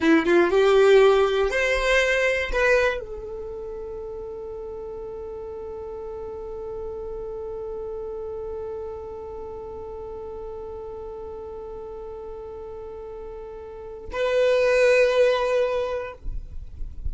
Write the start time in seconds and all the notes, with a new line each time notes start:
0.00 E4
0.25 F4
0.50 G4
1.50 C5
2.52 B4
3.00 A4
14.12 B4